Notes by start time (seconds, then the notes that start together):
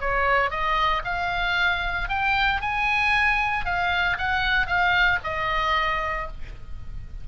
0.00 C#5
0.50 D#5
1.04 F5
2.08 G5
2.61 G#5
3.65 F5
4.18 F#5
4.66 F5
5.23 D#5